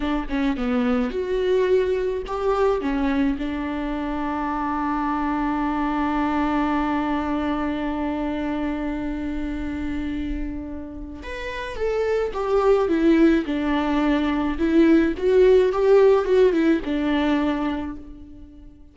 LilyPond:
\new Staff \with { instrumentName = "viola" } { \time 4/4 \tempo 4 = 107 d'8 cis'8 b4 fis'2 | g'4 cis'4 d'2~ | d'1~ | d'1~ |
d'1 | b'4 a'4 g'4 e'4 | d'2 e'4 fis'4 | g'4 fis'8 e'8 d'2 | }